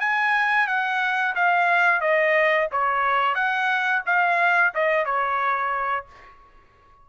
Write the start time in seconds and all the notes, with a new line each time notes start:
0.00 G#5
0.68 F#5
1.35 F5
2.01 D#5
2.72 C#5
3.35 F#5
4.06 F5
4.75 D#5
5.05 C#5